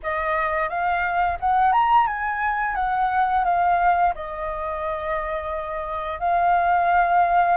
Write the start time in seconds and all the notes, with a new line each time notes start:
0.02 D#5
0.69 F5
1.40 F#5
1.72 A#5
2.07 G#5
2.75 F#5
3.44 F5
4.14 D#5
6.19 F5